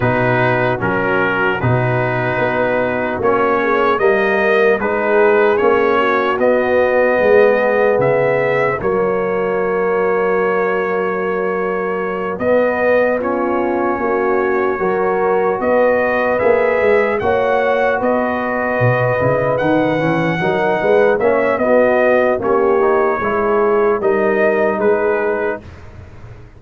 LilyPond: <<
  \new Staff \with { instrumentName = "trumpet" } { \time 4/4 \tempo 4 = 75 b'4 ais'4 b'2 | cis''4 dis''4 b'4 cis''4 | dis''2 e''4 cis''4~ | cis''2.~ cis''8 dis''8~ |
dis''8 cis''2. dis''8~ | dis''8 e''4 fis''4 dis''4.~ | dis''8 fis''2 e''8 dis''4 | cis''2 dis''4 b'4 | }
  \new Staff \with { instrumentName = "horn" } { \time 4/4 fis'1~ | fis'8 gis'8 ais'4 gis'4. fis'8~ | fis'4 gis'2 fis'4~ | fis'1~ |
fis'8 f'4 fis'4 ais'4 b'8~ | b'4. cis''4 b'4.~ | b'4. ais'8 b'8 cis''8 fis'4 | g'4 gis'4 ais'4 gis'4 | }
  \new Staff \with { instrumentName = "trombone" } { \time 4/4 dis'4 cis'4 dis'2 | cis'4 ais4 dis'4 cis'4 | b2. ais4~ | ais2.~ ais8 b8~ |
b8 cis'2 fis'4.~ | fis'8 gis'4 fis'2~ fis'8 | e'8 dis'8 cis'8 dis'4 cis'8 b4 | cis'8 dis'8 e'4 dis'2 | }
  \new Staff \with { instrumentName = "tuba" } { \time 4/4 b,4 fis4 b,4 b4 | ais4 g4 gis4 ais4 | b4 gis4 cis4 fis4~ | fis2.~ fis8 b8~ |
b4. ais4 fis4 b8~ | b8 ais8 gis8 ais4 b4 b,8 | cis8 dis8 e8 fis8 gis8 ais8 b4 | ais4 gis4 g4 gis4 | }
>>